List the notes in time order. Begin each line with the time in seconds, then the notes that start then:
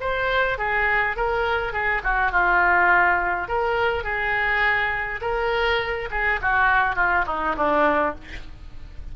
0.00 C5
0.58 G#4
1.16 A#4
1.72 G#4
2.03 F#4
2.31 F4
3.48 A#4
4.04 G#4
5.21 A#4
6.10 G#4
6.41 F#4
6.95 F4
7.26 D#4
7.56 D4